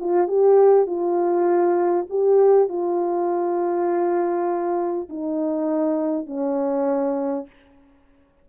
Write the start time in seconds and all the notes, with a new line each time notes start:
0.00 F4
0.27 G4
0.86 F4
2.10 G4
2.69 F4
5.09 D#4
6.26 C#4